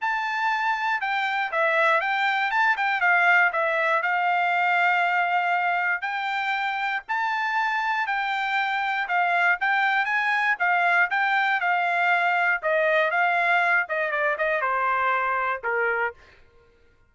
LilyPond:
\new Staff \with { instrumentName = "trumpet" } { \time 4/4 \tempo 4 = 119 a''2 g''4 e''4 | g''4 a''8 g''8 f''4 e''4 | f''1 | g''2 a''2 |
g''2 f''4 g''4 | gis''4 f''4 g''4 f''4~ | f''4 dis''4 f''4. dis''8 | d''8 dis''8 c''2 ais'4 | }